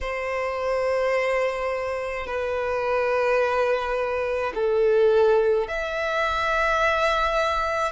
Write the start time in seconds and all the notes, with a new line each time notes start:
0.01 C5
2.26 B4
4.54 A4
5.68 E5